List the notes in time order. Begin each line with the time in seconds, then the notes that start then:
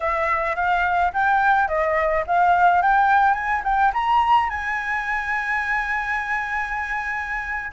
0.00 E5
0.55 F5
1.13 G5
1.68 D#5
2.26 F5
2.82 G5
3.33 G#5
3.63 G5
3.93 A#5
4.49 G#5